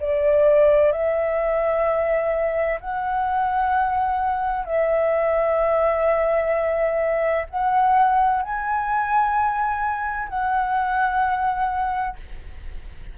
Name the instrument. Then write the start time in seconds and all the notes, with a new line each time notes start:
flute
0.00 D5
0.92 E5
2.80 F#5
4.65 E5
7.49 F#5
8.42 G#5
10.29 F#5